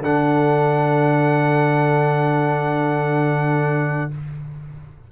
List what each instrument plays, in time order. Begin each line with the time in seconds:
0.00 tuba D3, trombone D4, horn A4, trumpet F#5